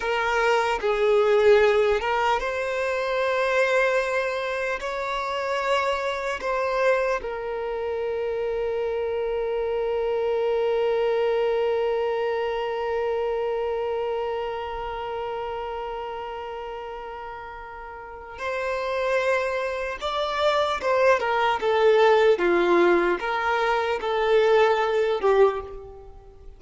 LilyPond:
\new Staff \with { instrumentName = "violin" } { \time 4/4 \tempo 4 = 75 ais'4 gis'4. ais'8 c''4~ | c''2 cis''2 | c''4 ais'2.~ | ais'1~ |
ais'1~ | ais'2. c''4~ | c''4 d''4 c''8 ais'8 a'4 | f'4 ais'4 a'4. g'8 | }